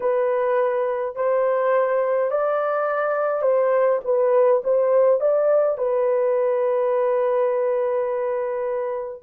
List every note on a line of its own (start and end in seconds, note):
0.00 1.15 B4
1.15 2.30 C5
2.30 3.41 D5
3.41 3.99 C5
4.04 4.62 B4
4.64 5.20 C5
5.20 5.77 D5
5.77 9.23 B4